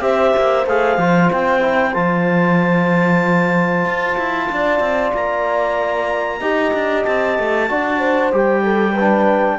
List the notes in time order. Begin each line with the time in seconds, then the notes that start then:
0.00 C4 G4 C5 E5
0.37 A#3
0.66 A3 G#4 F5
0.97 F3 F4
1.32 C4 G5
1.60 E4
1.94 F3 F4 A5
3.85 F4
4.17 E4
4.51 D4 D5
4.79 C4
5.14 A#3 A#5
6.40 D#4 G4 D#5
6.74 D4
7.04 C4 A5
7.38 A3
7.69 D4 F#4 D5
7.99 C5
8.32 G3 G4 G5
8.63 A4
8.92 B4
8.99 D4